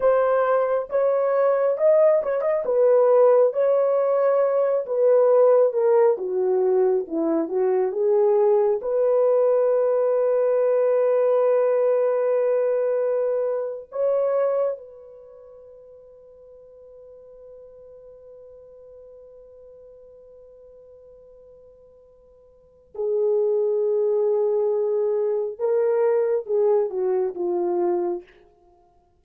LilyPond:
\new Staff \with { instrumentName = "horn" } { \time 4/4 \tempo 4 = 68 c''4 cis''4 dis''8 cis''16 dis''16 b'4 | cis''4. b'4 ais'8 fis'4 | e'8 fis'8 gis'4 b'2~ | b'2.~ b'8. cis''16~ |
cis''8. b'2.~ b'16~ | b'1~ | b'2 gis'2~ | gis'4 ais'4 gis'8 fis'8 f'4 | }